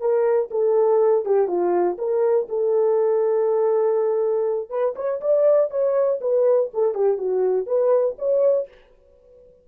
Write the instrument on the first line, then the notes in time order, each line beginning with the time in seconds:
horn
0.00 A#4
0.51 A4
1.25 G4
1.48 F4
1.98 A#4
2.49 A4
4.69 B4
4.96 C#5
5.21 D5
5.70 C#5
6.21 B4
6.74 A4
6.94 G4
7.18 F#4
7.67 B4
8.18 C#5